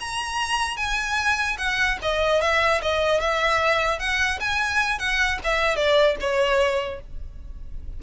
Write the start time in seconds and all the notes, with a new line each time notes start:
0.00 A#5
0.77 G#5
1.58 F#5
2.02 D#5
2.41 E5
2.82 D#5
3.20 E5
3.99 F#5
4.40 G#5
4.98 F#5
5.44 E5
5.76 D5
6.20 C#5